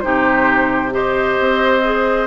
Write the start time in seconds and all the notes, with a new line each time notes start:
0.00 C3 D#4 G4 C5
0.91 G4 C5 D#5
1.39 C4
1.83 G#4